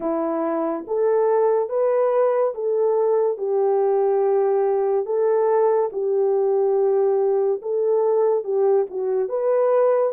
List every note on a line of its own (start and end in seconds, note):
0.00 0.85 E4
0.87 1.69 A4
1.69 2.53 B4
2.54 3.37 A4
3.37 5.05 G4
5.05 5.90 A4
5.92 7.61 G4
7.62 8.44 A4
8.44 8.86 G4
8.90 9.28 F#4
9.28 10.13 B4